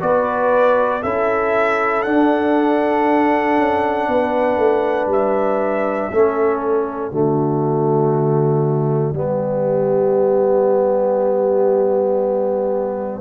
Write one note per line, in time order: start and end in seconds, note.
0.00 1.04 B3
0.00 1.02 F#4
0.00 1.04 B4
0.00 1.03 D5
1.03 2.06 C#4
1.03 2.05 E4
1.03 4.09 A4
1.03 2.03 E5
2.03 6.12 D4
2.03 3.58 D4
2.03 5.08 F#5
3.58 4.08 C#4
4.08 4.57 B3
4.08 6.12 B4
4.57 5.07 A3
5.07 6.09 G3
5.07 6.61 E5
6.12 7.12 A3
6.12 7.12 C#4
6.12 7.12 A4
6.61 13.21 D5
7.12 9.14 D3
7.12 9.15 A3
7.12 9.15 F#4
9.14 13.20 G3
9.14 13.21 B3
9.14 13.21 G4